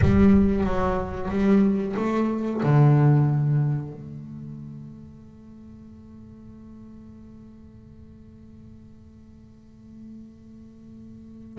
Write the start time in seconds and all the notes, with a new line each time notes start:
0.01 G3
0.63 F#3
1.30 G3
1.96 A3
2.63 D3
3.92 A3